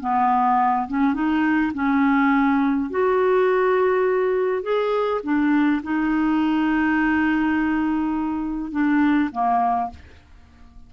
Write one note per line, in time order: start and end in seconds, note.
0.00 0.87 B3
0.88 1.14 C#4
1.14 1.72 D#4
1.73 2.90 C#4
2.90 4.62 F#4
4.62 5.21 G#4
5.23 5.81 D4
5.83 8.71 D#4
8.71 9.29 D4
9.32 9.90 A#3